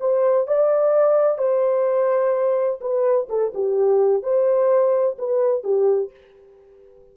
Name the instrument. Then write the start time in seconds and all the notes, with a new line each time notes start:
horn
0.00 C5
0.47 D5
1.38 C5
2.81 B4
3.29 A4
3.54 G4
4.23 C5
5.18 B4
5.63 G4